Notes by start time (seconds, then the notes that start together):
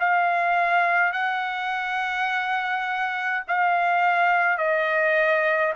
0.00 F5
1.13 F#5
3.48 F5
4.58 D#5